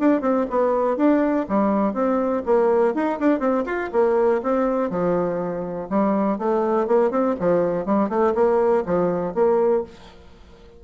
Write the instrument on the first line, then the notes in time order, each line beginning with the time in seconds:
bassoon
0.00 D4
0.22 C4
0.51 B3
0.97 D4
1.49 G3
1.94 C4
2.46 A#3
2.95 D#4
3.20 D4
3.40 C4
3.66 F4
3.93 A#3
4.43 C4
4.90 F3
5.90 G3
6.39 A3
6.88 A#3
7.11 C4
7.40 F3
7.86 G3
8.09 A3
8.35 A#3
8.87 F3
9.35 A#3